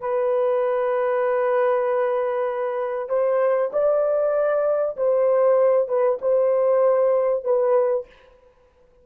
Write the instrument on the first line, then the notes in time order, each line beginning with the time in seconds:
horn
0.00 B4
3.09 C5
3.73 D5
4.97 C5
5.88 B4
6.21 C5
7.44 B4